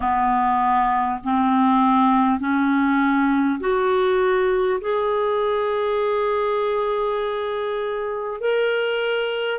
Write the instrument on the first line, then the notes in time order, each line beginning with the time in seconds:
clarinet
0.00 B3
1.23 C4
2.39 C#4
3.60 F#4
4.80 G#4
8.40 A#4